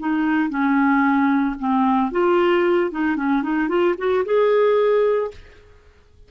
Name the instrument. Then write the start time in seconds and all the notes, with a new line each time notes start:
clarinet
0.00 D#4
0.50 C#4
1.60 C4
2.12 F4
2.92 D#4
3.17 C#4
3.43 D#4
3.69 F4
3.98 F#4
4.26 G#4